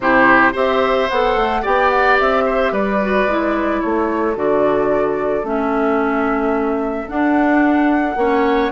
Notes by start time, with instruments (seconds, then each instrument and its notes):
0.00 bassoon C3, clarinet E4, oboe G4, flute C5
0.52 bassoon C4, clarinet G4, oboe C5, flute E5
1.09 bassoon B3, clarinet A4, flute F#5
1.36 bassoon A3
1.62 bassoon B3, clarinet G4, oboe D5, flute G5
1.90 flute F#5
2.19 bassoon C4, flute E5
2.45 oboe C5
2.71 bassoon G3, oboe B4, flute D5
3.02 clarinet F#4
3.26 bassoon G#3, clarinet E4
3.81 bassoon A3, oboe A4, flute C#5
4.35 bassoon D3, clarinet F#4, flute D5
5.43 bassoon A3, clarinet C#4, flute E5
7.07 clarinet D4, bassoon D4, flute F#5
8.16 bassoon A#3, clarinet C#4, oboe C#5